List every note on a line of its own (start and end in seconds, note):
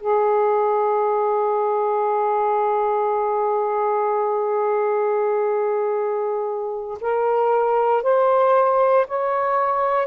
0.00 6.98 G#4
7.01 8.03 A#4
8.03 9.06 C5
9.07 10.07 C#5